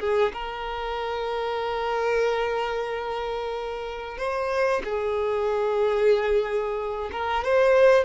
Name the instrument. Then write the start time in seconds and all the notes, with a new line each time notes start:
violin
0.00 G#4
0.33 A#4
4.18 C5
4.84 G#4
7.12 A#4
7.45 C5